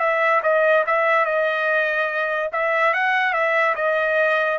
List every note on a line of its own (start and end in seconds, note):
0.00 0.42 E5
0.43 0.85 D#5
0.87 1.25 E5
1.25 2.50 D#5
2.53 2.94 E5
2.94 3.33 F#5
3.33 3.75 E5
3.75 4.59 D#5